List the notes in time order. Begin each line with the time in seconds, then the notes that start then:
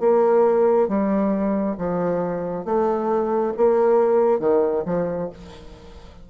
0.00 A#3
0.88 G3
1.78 F3
2.65 A3
3.57 A#3
4.40 D#3
4.86 F3